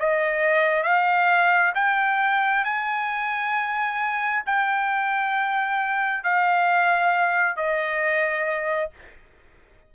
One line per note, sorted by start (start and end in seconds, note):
0.00 0.83 D#5
0.83 1.73 F5
1.75 2.65 G5
2.65 4.44 G#5
4.46 6.24 G5
6.24 7.56 F5
7.56 8.91 D#5